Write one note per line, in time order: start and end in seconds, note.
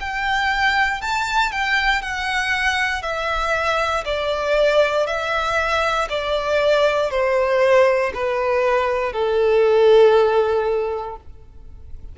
0.00 1.01 G5
1.01 1.52 A5
1.52 2.02 G5
2.02 3.02 F#5
3.02 4.04 E5
4.05 5.07 D5
5.07 6.08 E5
6.10 7.10 D5
7.10 8.12 C5
8.14 9.13 B4
9.13 11.16 A4